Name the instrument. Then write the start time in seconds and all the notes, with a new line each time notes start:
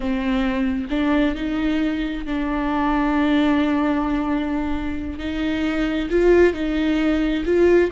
viola
0.00 C4
0.90 D4
1.35 D#4
2.25 D4
5.19 D#4
6.10 F4
6.53 D#4
7.45 F4